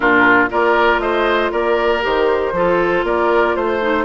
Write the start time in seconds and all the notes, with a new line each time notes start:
0.00 A#2 D4 F4 A#4
0.49 A#3 F4 A#4 D5
0.99 A3 C5 D#5
1.51 A#3 A#4 D5
2.02 D#3 G4 C5
2.52 F3 F4 A4
3.03 A#3 A#4 D5
3.55 A3 C5
3.81 D#4